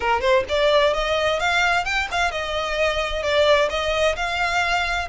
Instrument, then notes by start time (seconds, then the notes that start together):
violin
0.00 A#4
0.21 C5
0.48 D5
0.93 D#5
1.39 F5
1.84 G5
2.11 F5
2.31 D#5
3.22 D5
3.69 D#5
4.16 F5